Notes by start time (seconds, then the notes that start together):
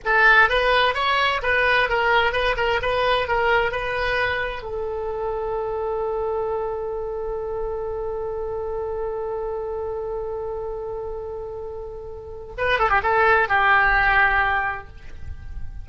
0.05 A4
0.49 B4
0.94 C#5
1.42 B4
1.89 A#4
2.32 B4
2.57 A#4
2.81 B4
3.27 A#4
3.71 B4
4.62 A4
12.57 B4
12.79 A4
12.89 G4
13.03 A4
13.48 G4